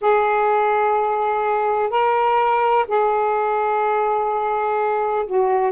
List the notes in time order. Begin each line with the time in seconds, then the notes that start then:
0.01 G#4
1.90 A#4
2.88 G#4
5.26 F#4